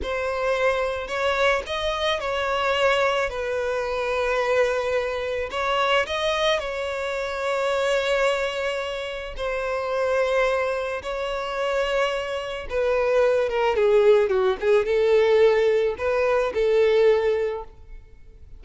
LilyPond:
\new Staff \with { instrumentName = "violin" } { \time 4/4 \tempo 4 = 109 c''2 cis''4 dis''4 | cis''2 b'2~ | b'2 cis''4 dis''4 | cis''1~ |
cis''4 c''2. | cis''2. b'4~ | b'8 ais'8 gis'4 fis'8 gis'8 a'4~ | a'4 b'4 a'2 | }